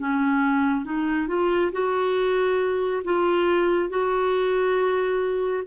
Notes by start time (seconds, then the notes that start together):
0.00 C#4
0.85 D#4
1.28 F4
1.72 F#4
3.04 F4
3.90 F#4